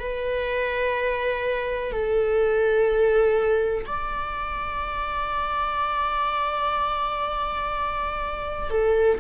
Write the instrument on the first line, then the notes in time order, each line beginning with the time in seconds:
viola
0.00 B4
1.92 A4
3.87 D5
8.71 A4